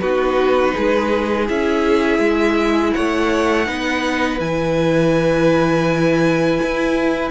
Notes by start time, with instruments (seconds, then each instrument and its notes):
0.00 cello B3, viola D#4, violin F#4 B4
0.74 cello G#3, violin G#4
1.48 cello C#4, viola E4, violin E5
2.19 cello G#3
2.93 cello A3, violin C#5 F#5
3.66 cello B3, viola D#4, violin B4
4.40 cello E3, viola E4, violin G#5
6.63 cello E4